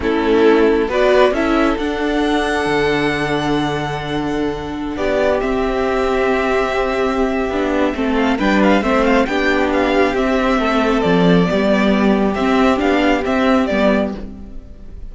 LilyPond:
<<
  \new Staff \with { instrumentName = "violin" } { \time 4/4 \tempo 4 = 136 a'2 d''4 e''4 | fis''1~ | fis''2.~ fis''16 d''8.~ | d''16 e''2.~ e''8.~ |
e''2~ e''8 f''8 g''8 f''8 | e''8 f''8 g''4 f''4 e''4~ | e''4 d''2. | e''4 f''4 e''4 d''4 | }
  \new Staff \with { instrumentName = "violin" } { \time 4/4 e'2 b'4 a'4~ | a'1~ | a'2.~ a'16 g'8.~ | g'1~ |
g'2 a'4 b'4 | c''4 g'2. | a'2 g'2~ | g'1 | }
  \new Staff \with { instrumentName = "viola" } { \time 4/4 cis'2 fis'4 e'4 | d'1~ | d'1~ | d'16 c'2.~ c'8.~ |
c'4 d'4 c'4 d'4 | c'4 d'2 c'4~ | c'2 b2 | c'4 d'4 c'4 b4 | }
  \new Staff \with { instrumentName = "cello" } { \time 4/4 a2 b4 cis'4 | d'2 d2~ | d2.~ d16 b8.~ | b16 c'2.~ c'8.~ |
c'4 b4 a4 g4 | a4 b2 c'4 | a4 f4 g2 | c'4 b4 c'4 g4 | }
>>